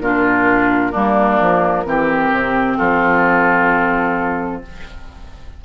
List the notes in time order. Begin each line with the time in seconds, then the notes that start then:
0.00 A#2 D4 F4 A#4
0.91 G3 A#3 D4
1.40 F3
1.85 E3 C4 G4
2.31 C3
2.77 F3 F4 A4